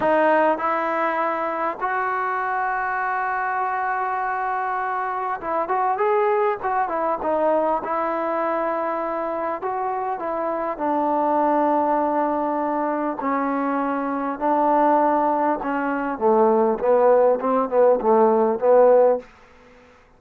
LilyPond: \new Staff \with { instrumentName = "trombone" } { \time 4/4 \tempo 4 = 100 dis'4 e'2 fis'4~ | fis'1~ | fis'4 e'8 fis'8 gis'4 fis'8 e'8 | dis'4 e'2. |
fis'4 e'4 d'2~ | d'2 cis'2 | d'2 cis'4 a4 | b4 c'8 b8 a4 b4 | }